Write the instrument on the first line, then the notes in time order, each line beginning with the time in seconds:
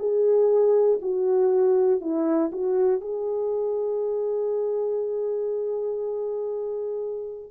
horn
0.00 G#4
1.02 F#4
2.01 E4
2.52 F#4
3.01 G#4